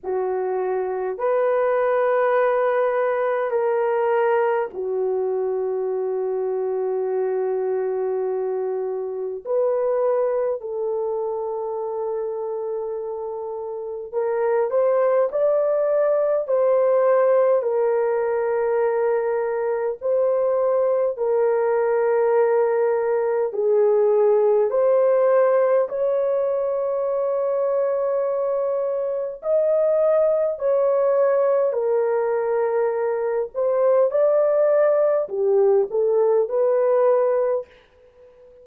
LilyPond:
\new Staff \with { instrumentName = "horn" } { \time 4/4 \tempo 4 = 51 fis'4 b'2 ais'4 | fis'1 | b'4 a'2. | ais'8 c''8 d''4 c''4 ais'4~ |
ais'4 c''4 ais'2 | gis'4 c''4 cis''2~ | cis''4 dis''4 cis''4 ais'4~ | ais'8 c''8 d''4 g'8 a'8 b'4 | }